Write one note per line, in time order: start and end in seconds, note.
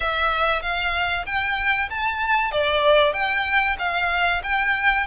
0.00 0.62 E5
0.62 1.25 F5
1.26 1.89 G5
1.89 2.51 A5
2.51 3.13 D5
3.13 3.76 G5
3.78 4.42 F5
4.43 5.06 G5